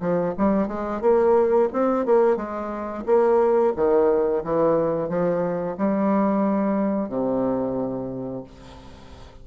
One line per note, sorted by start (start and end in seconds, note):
0.00 0.34 F3
0.37 0.67 G3
0.67 1.01 G#3
1.01 1.69 A#3
1.73 2.05 C4
2.05 2.36 A#3
2.36 3.04 G#3
3.06 3.73 A#3
3.76 4.43 D#3
4.43 5.09 E3
5.09 5.76 F3
5.77 7.08 G3
7.08 8.43 C3